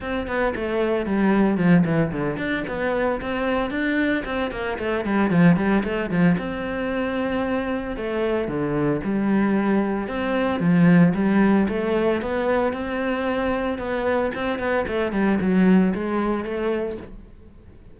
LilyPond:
\new Staff \with { instrumentName = "cello" } { \time 4/4 \tempo 4 = 113 c'8 b8 a4 g4 f8 e8 | d8 d'8 b4 c'4 d'4 | c'8 ais8 a8 g8 f8 g8 a8 f8 | c'2. a4 |
d4 g2 c'4 | f4 g4 a4 b4 | c'2 b4 c'8 b8 | a8 g8 fis4 gis4 a4 | }